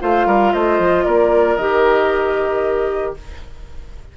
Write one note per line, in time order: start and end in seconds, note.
0.00 0.26 A3
0.00 1.58 F4
0.00 0.27 C5
0.00 0.53 F5
0.26 0.53 G3
0.26 0.53 A#4
0.53 0.79 A3
0.53 1.05 C5
0.53 1.05 D#5
0.79 1.05 F3
1.05 1.57 A#3
1.05 3.16 A#4
1.05 1.57 D5
1.57 3.15 D#3
1.57 3.17 G4
1.57 3.15 D#5